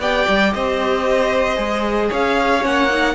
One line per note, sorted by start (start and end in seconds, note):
0.00 0.26 B3
0.00 1.57 G4
0.00 0.53 D5
0.00 0.53 G5
0.29 0.55 G3
0.53 1.57 C4
0.53 2.10 C5
0.53 2.11 D#5
1.57 2.10 G#3
1.57 2.62 G#4
2.10 2.65 C#4
2.10 3.15 C#5
2.10 2.66 F5
2.62 3.15 A#3
2.62 2.88 C#4
2.62 3.15 F#5
2.90 3.15 D#4